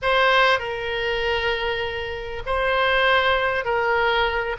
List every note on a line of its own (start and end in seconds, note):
0.01 0.59 C5
0.59 2.42 A#4
2.46 3.64 C5
3.64 4.56 A#4